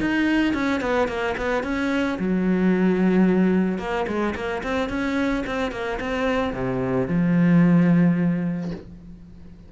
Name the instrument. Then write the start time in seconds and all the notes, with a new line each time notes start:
cello
0.00 D#4
0.53 C#4
0.81 B3
1.08 A#3
1.37 B3
1.63 C#4
2.18 F#3
3.78 A#3
4.07 G#3
4.35 A#3
4.63 C4
4.89 C#4
5.46 C4
5.71 A#3
6.00 C4
6.53 C3
7.07 F3